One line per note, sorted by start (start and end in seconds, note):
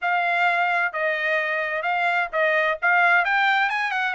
0.01 0.93 F5
0.93 1.82 D#5
1.82 2.28 F5
2.32 2.78 D#5
2.82 3.24 F5
3.24 3.69 G5
3.69 3.91 G#5
3.91 4.14 F#5